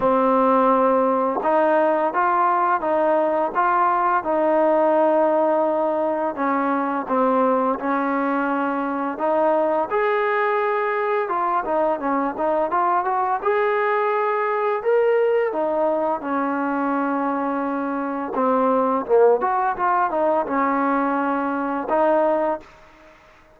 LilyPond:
\new Staff \with { instrumentName = "trombone" } { \time 4/4 \tempo 4 = 85 c'2 dis'4 f'4 | dis'4 f'4 dis'2~ | dis'4 cis'4 c'4 cis'4~ | cis'4 dis'4 gis'2 |
f'8 dis'8 cis'8 dis'8 f'8 fis'8 gis'4~ | gis'4 ais'4 dis'4 cis'4~ | cis'2 c'4 ais8 fis'8 | f'8 dis'8 cis'2 dis'4 | }